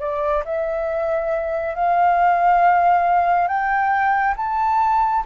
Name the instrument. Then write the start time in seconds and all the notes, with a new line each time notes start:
flute
0.00 D5
0.45 E5
1.75 F5
3.48 G5
4.37 A5